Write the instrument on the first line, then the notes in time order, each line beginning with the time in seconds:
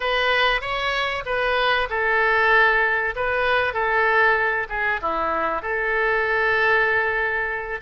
oboe
0.00 B4
0.61 C#5
1.25 B4
1.89 A4
3.15 B4
3.73 A4
4.69 G#4
5.01 E4
5.61 A4